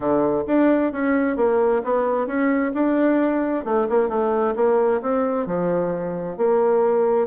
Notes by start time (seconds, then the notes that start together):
0.00 D3
0.47 D4
0.92 C#4
1.36 A#3
1.84 B3
2.26 C#4
2.74 D4
3.64 A3
3.89 A#3
4.08 A3
4.55 A#3
5.01 C4
5.46 F3
6.37 A#3